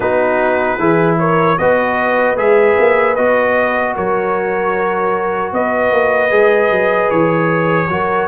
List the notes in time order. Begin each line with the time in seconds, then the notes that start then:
0.00 B3 D#4 F#4 B4
0.78 E3 E4 G#4
1.18 A#4 C#5
1.58 B3 F#4 B4 D#5
2.36 G#3 G#4 E5
2.78 A#3
3.15 B3 F#4 D#5
3.94 F#3 A#4 C#5
5.52 B3 B4 D#5
5.91 A#3
6.30 G#3 G#4
6.70 F#3
7.10 E3 C#5
7.88 F#3 F#4 A#4